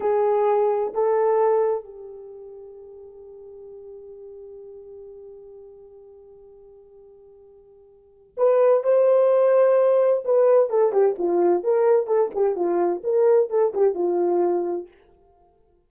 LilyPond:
\new Staff \with { instrumentName = "horn" } { \time 4/4 \tempo 4 = 129 gis'2 a'2 | g'1~ | g'1~ | g'1~ |
g'2 b'4 c''4~ | c''2 b'4 a'8 g'8 | f'4 ais'4 a'8 g'8 f'4 | ais'4 a'8 g'8 f'2 | }